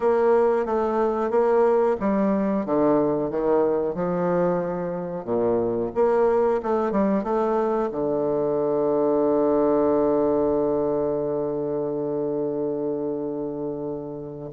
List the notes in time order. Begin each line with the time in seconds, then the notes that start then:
0.00 A#3
0.65 A3
1.30 A#3
2.00 G3
2.65 D3
3.30 D#3
3.94 F3
5.24 A#2
5.94 A#3
6.62 A3
6.91 G3
7.23 A3
7.91 D3